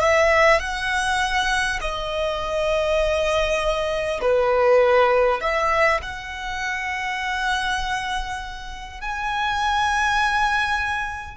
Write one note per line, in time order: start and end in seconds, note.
0.00 0.60 E5
0.60 1.80 F#5
1.81 4.21 D#5
4.22 5.41 B4
5.41 6.01 E5
6.02 9.01 F#5
9.01 11.37 G#5